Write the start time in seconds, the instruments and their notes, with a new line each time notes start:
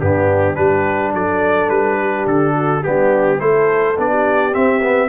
0.00 tuba G2, trombone B3, horn D4, trumpet G4
0.55 tuba G3, trombone D4, horn G4, trumpet B4
1.14 tuba F#3, horn A4, trumpet D5
1.69 tuba G3, trumpet B4
2.01 horn G4
2.27 tuba D3, trumpet A4
2.54 horn F#4
2.84 tuba G3, trombone B3, horn D4, trumpet G4
3.39 tuba A3, trombone E4, horn A4, trumpet C5
3.99 tuba B3, trombone D4, trumpet D5
4.10 horn G4
4.52 trombone C4, tuba C4, trumpet E5
4.82 trombone B3